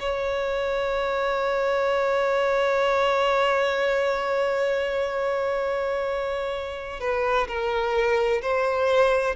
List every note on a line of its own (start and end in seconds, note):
0.00 7.01 C#5
7.01 7.47 B4
7.48 8.42 A#4
8.42 9.36 C5